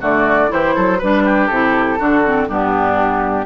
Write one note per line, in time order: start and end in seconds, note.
0.00 0.50 D3
0.00 0.48 A3
0.00 0.50 F#4
0.00 0.51 D5
0.48 0.76 E3
0.48 0.97 E4
0.48 0.74 G4
0.48 0.99 C5
0.74 1.01 F#3
0.74 0.98 A4
0.98 1.49 G3
0.98 1.51 D4
0.98 1.23 B4
0.98 1.46 B4
1.24 1.98 G4
1.46 1.98 C3
1.46 1.98 E4
1.46 2.46 A4
1.98 2.47 D3
1.98 2.23 D4
1.98 2.48 F#4
2.24 2.49 C4
2.47 3.45 G2
2.47 3.45 B3
2.47 3.45 D4
2.47 3.45 G4